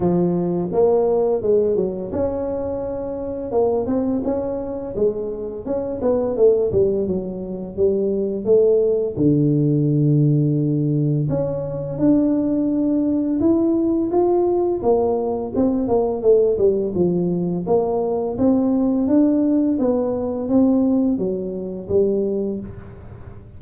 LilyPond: \new Staff \with { instrumentName = "tuba" } { \time 4/4 \tempo 4 = 85 f4 ais4 gis8 fis8 cis'4~ | cis'4 ais8 c'8 cis'4 gis4 | cis'8 b8 a8 g8 fis4 g4 | a4 d2. |
cis'4 d'2 e'4 | f'4 ais4 c'8 ais8 a8 g8 | f4 ais4 c'4 d'4 | b4 c'4 fis4 g4 | }